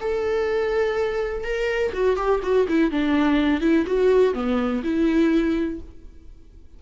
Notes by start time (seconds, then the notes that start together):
0.00 A4
1.44 A#4
1.93 F#4
2.16 G4
2.42 F#4
2.68 E4
2.91 D4
3.60 E4
3.86 F#4
4.34 B3
4.83 E4